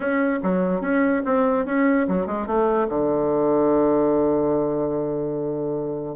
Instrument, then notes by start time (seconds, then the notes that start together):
bassoon
0.00 C#4
0.42 F#3
0.81 C#4
1.25 C4
1.65 C#4
2.08 F#3
2.26 G#3
2.46 A3
2.88 D3